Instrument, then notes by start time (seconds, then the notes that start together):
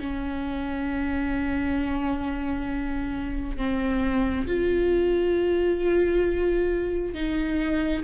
viola
0.00 C#4
3.57 C4
4.47 F4
7.14 D#4